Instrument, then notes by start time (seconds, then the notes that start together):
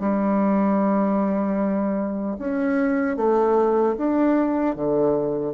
bassoon
0.00 G3
2.39 C#4
3.17 A3
3.98 D4
4.76 D3